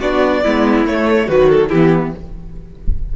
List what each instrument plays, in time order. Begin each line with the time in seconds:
0.00 cello B3, viola D4, violin F#4 D5
0.42 cello G#3, viola B3, violin E4
0.86 cello A3, viola A3, violin C#5
1.27 cello D#3, viola F#3, violin F#4 B4
1.49 violin A4
1.68 cello E3, violin E4 G4
1.74 viola B3